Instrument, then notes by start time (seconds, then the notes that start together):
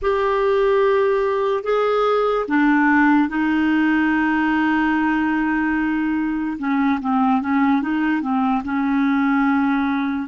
clarinet
0.01 G4
1.63 G#4
2.48 D4
3.28 D#4
6.58 C#4
7.00 C4
7.41 C#4
7.82 D#4
8.21 C4
8.64 C#4